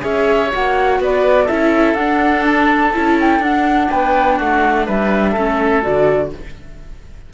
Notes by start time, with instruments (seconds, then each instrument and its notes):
0.00 cello C#4, viola G#4, oboe C#5, flute E5
0.52 cello A#3, viola F#4, flute F#5
0.99 cello B3, oboe B4, flute D5
1.44 viola E4, oboe A4, flute E5
1.50 cello C#4
1.94 cello D4, viola D4, flute F#5
2.45 flute A5
2.94 cello C#4, viola E4
3.20 flute G5
3.39 cello D4, viola D4, flute F#5
3.90 cello B3, oboe B4, flute G5
4.36 cello A3, oboe F#4, flute F#5
4.86 cello G3, oboe B4, flute E5
5.31 cello A3, viola C#4, oboe A4
5.82 cello D3, viola F#4, flute D5